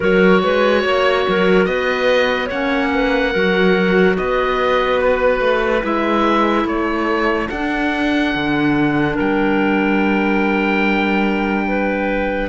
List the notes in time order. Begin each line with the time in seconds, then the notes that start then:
0.00 F#3 F#4 A#4 C#5
0.42 G#3 B4
0.82 A#3 C#5
1.28 F#3 A#4
1.65 B3 B4 D#5
2.46 A#3 C#4 C#5 F#5
2.93 B4
3.32 F#3 F#4 A#4
4.16 B3 B4 D#5
5.00 B4
5.40 A3
5.81 G#3 E4 E5
6.65 A3 A4 C#5
7.49 D4 F#5
8.35 D3
9.14 G3 A#4 G5
11.67 B4